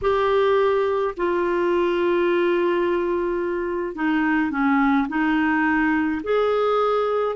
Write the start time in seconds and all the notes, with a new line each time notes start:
0.01 G4
1.16 F4
3.95 D#4
4.50 C#4
5.08 D#4
6.23 G#4